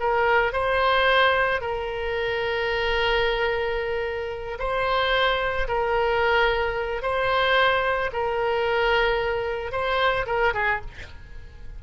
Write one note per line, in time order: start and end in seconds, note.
0.00 0.53 A#4
0.53 1.61 C5
1.61 4.58 A#4
4.59 5.67 C5
5.68 7.02 A#4
7.02 8.10 C5
8.13 9.72 A#4
9.72 10.26 C5
10.26 10.53 A#4
10.54 10.81 G#4